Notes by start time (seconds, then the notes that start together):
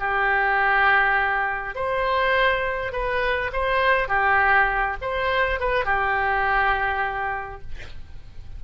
0.00 G4
1.75 C5
2.93 B4
3.53 C5
4.09 G4
5.02 C5
5.60 B4
5.85 G4